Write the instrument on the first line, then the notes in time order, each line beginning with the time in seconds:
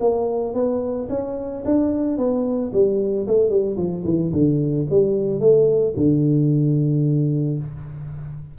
tuba
0.00 A#3
0.54 B3
1.10 C#4
1.65 D4
2.18 B3
2.73 G3
3.27 A3
3.50 G3
3.77 F3
4.05 E3
4.32 D3
4.90 G3
5.40 A3
5.97 D3